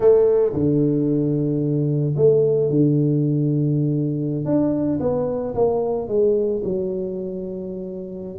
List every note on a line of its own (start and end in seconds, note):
0.00 0.53 A3
0.53 2.15 D3
2.16 2.70 A3
2.70 4.45 D3
4.45 4.99 D4
5.00 5.54 B3
5.54 6.08 A#3
6.08 6.62 G#3
6.64 8.38 F#3